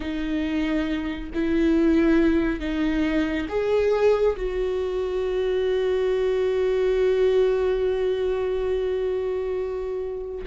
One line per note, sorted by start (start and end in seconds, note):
0.00 1.30 D#4
1.34 2.59 E4
2.59 3.46 D#4
3.49 4.36 G#4
4.36 10.45 F#4